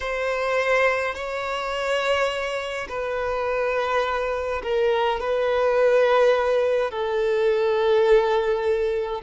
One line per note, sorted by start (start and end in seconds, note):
0.00 1.14 C5
1.14 2.87 C#5
2.88 4.62 B4
4.62 5.19 A#4
5.19 6.90 B4
6.90 9.21 A4